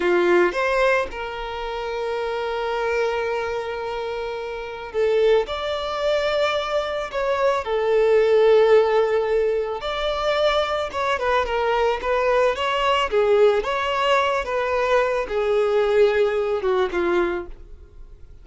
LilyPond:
\new Staff \with { instrumentName = "violin" } { \time 4/4 \tempo 4 = 110 f'4 c''4 ais'2~ | ais'1~ | ais'4 a'4 d''2~ | d''4 cis''4 a'2~ |
a'2 d''2 | cis''8 b'8 ais'4 b'4 cis''4 | gis'4 cis''4. b'4. | gis'2~ gis'8 fis'8 f'4 | }